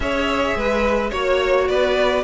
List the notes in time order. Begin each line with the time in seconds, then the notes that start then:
0.00 C#4 G#4 C#5 E5
0.55 G#3 B4
1.10 A#3 F#4 C#5
1.67 B3 B4 D5